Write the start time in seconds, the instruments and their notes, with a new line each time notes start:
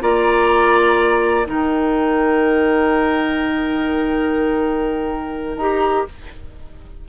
0.00 bassoon A#3, clarinet F4, oboe D5, flute A#5
1.45 bassoon D#3, clarinet D#4, oboe A#4, flute G5
5.56 bassoon D#4, clarinet G4, flute A#5